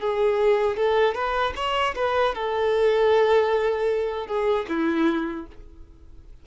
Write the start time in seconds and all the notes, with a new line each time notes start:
0.00 G#4
0.77 A4
1.14 B4
1.55 C#5
1.96 B4
2.34 A4
4.27 G#4
4.69 E4